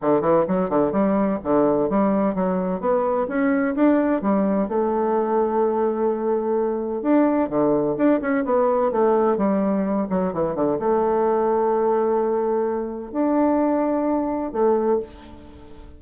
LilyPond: \new Staff \with { instrumentName = "bassoon" } { \time 4/4 \tempo 4 = 128 d8 e8 fis8 d8 g4 d4 | g4 fis4 b4 cis'4 | d'4 g4 a2~ | a2. d'4 |
d4 d'8 cis'8 b4 a4 | g4. fis8 e8 d8 a4~ | a1 | d'2. a4 | }